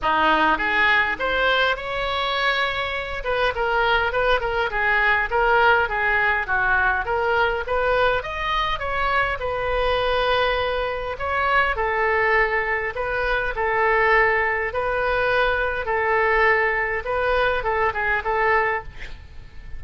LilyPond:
\new Staff \with { instrumentName = "oboe" } { \time 4/4 \tempo 4 = 102 dis'4 gis'4 c''4 cis''4~ | cis''4. b'8 ais'4 b'8 ais'8 | gis'4 ais'4 gis'4 fis'4 | ais'4 b'4 dis''4 cis''4 |
b'2. cis''4 | a'2 b'4 a'4~ | a'4 b'2 a'4~ | a'4 b'4 a'8 gis'8 a'4 | }